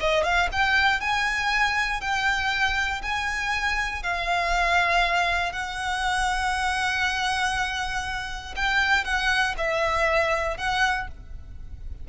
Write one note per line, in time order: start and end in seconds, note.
0.00 0.23 D#5
0.23 0.49 F5
0.52 1.00 G5
1.00 2.01 G#5
2.01 3.01 G5
3.02 4.02 G#5
4.02 5.52 F5
5.52 8.55 F#5
8.56 9.04 G5
9.04 9.55 F#5
9.57 10.57 E5
10.57 11.07 F#5